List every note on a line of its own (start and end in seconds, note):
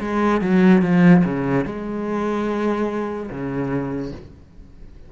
0.00 0.41 G#3
0.41 0.82 F#3
0.82 1.23 F3
1.24 1.65 C#3
1.65 3.30 G#3
3.30 4.12 C#3